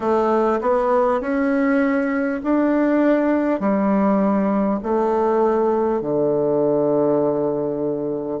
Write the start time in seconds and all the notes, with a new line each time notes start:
0.00 A3
0.61 B3
1.21 C#4
2.43 D4
3.60 G3
4.82 A3
6.01 D3